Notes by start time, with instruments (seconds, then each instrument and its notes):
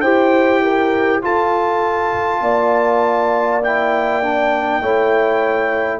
0.00 tuba E4, trombone G4, horn C5, trumpet G5
0.61 horn A#4
1.22 trombone F4, tuba F4, horn A4, trumpet A5
2.40 tuba A#3, horn D5
3.62 trombone E4, trumpet G5
4.22 trombone D4
4.80 tuba A3, trombone E4, horn C#5